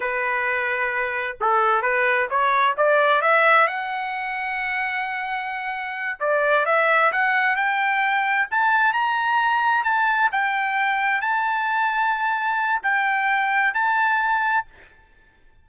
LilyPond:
\new Staff \with { instrumentName = "trumpet" } { \time 4/4 \tempo 4 = 131 b'2. a'4 | b'4 cis''4 d''4 e''4 | fis''1~ | fis''4. d''4 e''4 fis''8~ |
fis''8 g''2 a''4 ais''8~ | ais''4. a''4 g''4.~ | g''8 a''2.~ a''8 | g''2 a''2 | }